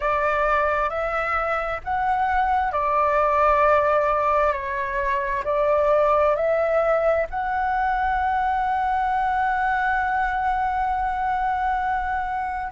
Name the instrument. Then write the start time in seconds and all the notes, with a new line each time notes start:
flute
0.00 D5
0.89 E5
1.83 F#5
2.71 D5
4.52 C#5
5.44 D5
6.35 E5
7.30 F#5